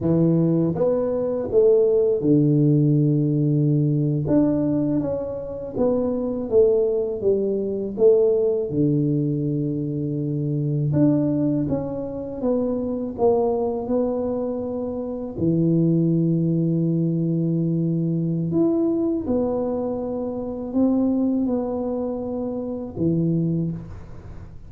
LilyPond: \new Staff \with { instrumentName = "tuba" } { \time 4/4 \tempo 4 = 81 e4 b4 a4 d4~ | d4.~ d16 d'4 cis'4 b16~ | b8. a4 g4 a4 d16~ | d2~ d8. d'4 cis'16~ |
cis'8. b4 ais4 b4~ b16~ | b8. e2.~ e16~ | e4 e'4 b2 | c'4 b2 e4 | }